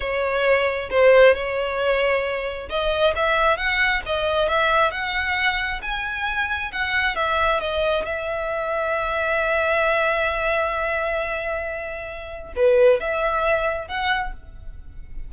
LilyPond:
\new Staff \with { instrumentName = "violin" } { \time 4/4 \tempo 4 = 134 cis''2 c''4 cis''4~ | cis''2 dis''4 e''4 | fis''4 dis''4 e''4 fis''4~ | fis''4 gis''2 fis''4 |
e''4 dis''4 e''2~ | e''1~ | e''1 | b'4 e''2 fis''4 | }